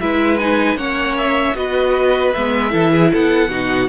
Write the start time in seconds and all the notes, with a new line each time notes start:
0.00 G#3 E4 B4 E5
0.37 D#4 G#5
0.75 A#3 C#4 C#5 F#5
1.17 E5
1.54 B3 F#4 B4 D#5
2.33 G#3 B3 E5
2.70 E3 E4 A4
2.91 G#4
3.12 B3 A4 F#5
3.48 B2 D#4 F#4